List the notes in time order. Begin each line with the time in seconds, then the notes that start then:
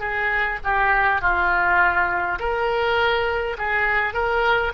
0.00 G#4
0.64 G4
1.22 F4
2.40 A#4
3.58 G#4
4.14 A#4